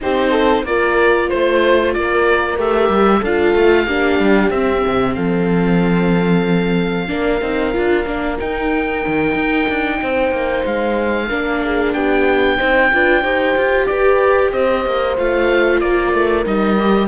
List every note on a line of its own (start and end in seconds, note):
0.00 0.63 C4
0.00 0.65 D#4
0.00 0.30 G4
0.00 0.65 C5
0.30 0.63 A4
0.63 1.28 A#3
0.63 2.57 F4
0.63 1.29 A#4
0.63 1.29 D5
1.29 1.95 A3
1.29 1.93 C5
1.93 2.57 A#3
1.93 3.19 A#4
1.93 2.58 D5
2.57 2.89 A3
2.57 3.22 G4
2.57 3.24 E5
2.89 3.21 G3
3.19 3.54 D4
3.19 3.83 A4
3.19 4.50 F5
3.26 3.87 F4
3.54 3.86 A3
3.86 4.19 A#3
3.86 4.52 D4
3.86 5.15 G4
4.19 4.50 G3
4.50 4.82 C4
4.50 7.07 C4
4.50 5.14 E5
4.86 5.17 C3
5.14 7.09 F3
5.14 7.08 A4
5.14 8.36 F5
7.07 7.41 A#3
7.07 7.39 D4
7.07 9.99 A#4
7.41 7.73 C4
7.41 7.73 D#4
7.73 8.05 D4
7.73 8.05 F4
8.05 8.37 A#3
8.05 8.38 D4
8.39 9.05 D#4
8.39 11.29 D#4
8.39 10.65 G5
9.07 9.35 D#3
9.35 9.67 D#4
9.68 10.01 D4
10.01 10.31 C4
10.01 11.28 C5
10.31 10.63 A#3
10.66 11.30 G#3
10.66 11.93 F5
11.28 11.94 A#3
11.28 12.57 D4
11.28 11.60 A#4
11.63 11.93 G#4
11.93 12.59 B3
11.93 12.57 G4
11.93 13.86 G5
12.57 12.92 C4
12.57 12.90 D#4
12.57 12.89 C5
12.92 13.24 D4
12.92 13.24 F4
12.92 13.22 B4
13.22 13.56 D#4
13.22 15.16 G4
13.22 13.87 C5
13.57 13.89 F4
13.86 14.53 G4
13.86 14.51 B4
13.86 14.51 D5
14.51 14.85 C4
14.51 15.81 C5
14.51 15.17 D#5
14.85 15.17 A#3
15.16 15.81 A3
15.16 16.44 F4
15.16 15.80 F5
15.80 16.12 A#3
15.80 17.08 A#4
15.80 16.44 D5
16.12 16.45 A3
16.44 17.08 G3
16.44 16.77 D#4
16.44 17.08 D#5
16.78 17.08 G4